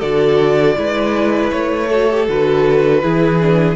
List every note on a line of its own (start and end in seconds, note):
0.00 0.77 D3
0.00 0.77 F#4
0.00 0.75 A4
0.00 1.51 D5
0.77 1.52 G#3
0.77 1.90 E4
0.77 1.89 B4
1.51 2.29 A3
1.51 2.26 C#5
1.89 2.10 F#4
1.89 3.02 A4
2.10 2.28 G4
2.28 3.04 D3
2.28 3.03 F#4
2.28 3.76 B4
3.03 3.76 E3
3.03 3.40 E4
3.03 3.76 G#4
3.42 3.76 D4